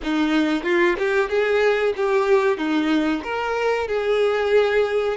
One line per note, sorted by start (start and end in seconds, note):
0.03 0.63 D#4
0.63 0.95 F4
0.98 1.29 G4
1.29 1.93 G#4
1.96 2.57 G4
2.57 3.22 D#4
3.23 3.87 A#4
3.87 5.16 G#4